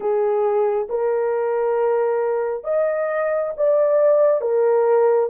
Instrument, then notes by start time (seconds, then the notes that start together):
horn
0.00 G#4
0.89 A#4
2.64 D#5
3.57 D5
4.41 A#4